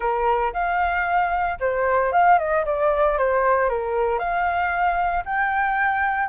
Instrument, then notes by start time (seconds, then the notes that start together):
flute
0.00 A#4
0.53 F5
1.59 C5
2.12 F5
2.38 D#5
2.65 D5
3.18 C5
3.69 A#4
4.18 F5
5.25 G5